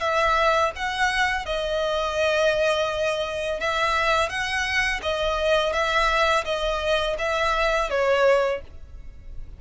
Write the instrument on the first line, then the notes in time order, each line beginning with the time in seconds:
violin
0.00 E5
0.75 F#5
1.45 D#5
3.60 E5
4.29 F#5
5.02 D#5
5.73 E5
6.45 D#5
7.19 E5
7.90 C#5